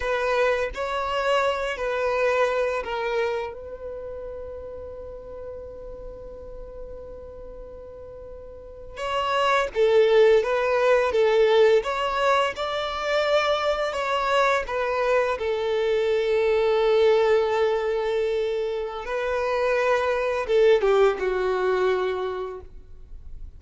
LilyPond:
\new Staff \with { instrumentName = "violin" } { \time 4/4 \tempo 4 = 85 b'4 cis''4. b'4. | ais'4 b'2.~ | b'1~ | b'8. cis''4 a'4 b'4 a'16~ |
a'8. cis''4 d''2 cis''16~ | cis''8. b'4 a'2~ a'16~ | a'2. b'4~ | b'4 a'8 g'8 fis'2 | }